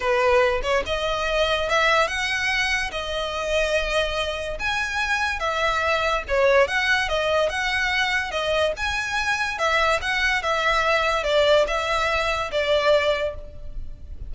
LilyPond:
\new Staff \with { instrumentName = "violin" } { \time 4/4 \tempo 4 = 144 b'4. cis''8 dis''2 | e''4 fis''2 dis''4~ | dis''2. gis''4~ | gis''4 e''2 cis''4 |
fis''4 dis''4 fis''2 | dis''4 gis''2 e''4 | fis''4 e''2 d''4 | e''2 d''2 | }